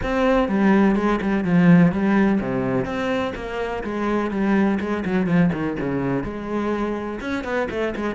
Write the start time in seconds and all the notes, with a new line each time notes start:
0.02 C4
0.48 G3
0.95 G#3
1.21 G3
1.44 F3
1.91 G3
2.40 C3
2.85 C4
3.35 A#3
3.83 G#3
4.30 G3
4.80 G#3
5.05 F#3
5.26 F3
5.52 D#3
5.79 C#3
6.23 G#3
7.20 C#4
7.44 B3
7.70 A3
7.95 G#3